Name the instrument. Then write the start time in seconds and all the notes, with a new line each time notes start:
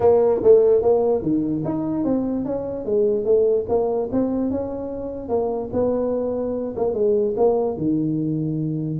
tuba
0.00 A#3
0.43 A3
0.82 A#3
1.22 D#3
1.64 D#4
2.04 C4
2.45 C#4
2.85 G#3
3.24 A3
3.68 A#3
4.12 C4
4.50 C#4
5.28 A#3
5.73 B3
6.76 A#3
6.94 G#3
7.37 A#3
7.77 D#3